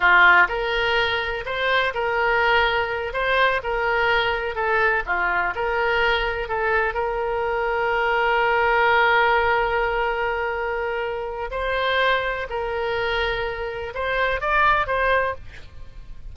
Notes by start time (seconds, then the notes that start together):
0.00 F4
0.48 A#4
1.45 C5
1.93 A#4
3.13 C5
3.63 A#4
4.55 A4
5.05 F4
5.55 A#4
6.48 A4
6.94 A#4
11.51 C5
12.49 A#4
13.94 C5
14.40 D5
14.86 C5